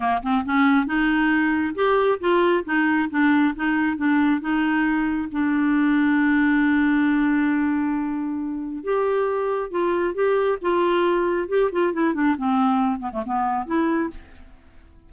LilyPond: \new Staff \with { instrumentName = "clarinet" } { \time 4/4 \tempo 4 = 136 ais8 c'8 cis'4 dis'2 | g'4 f'4 dis'4 d'4 | dis'4 d'4 dis'2 | d'1~ |
d'1 | g'2 f'4 g'4 | f'2 g'8 f'8 e'8 d'8 | c'4. b16 a16 b4 e'4 | }